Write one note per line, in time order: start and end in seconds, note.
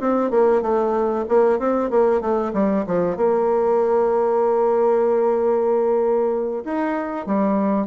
0.00 0.30 C4
0.30 0.61 A#3
0.61 1.25 A3
1.28 1.59 A#3
1.59 1.90 C4
1.90 2.20 A#3
2.20 2.52 A3
2.53 2.85 G3
2.86 3.16 F3
3.16 6.64 A#3
6.64 7.26 D#4
7.26 7.87 G3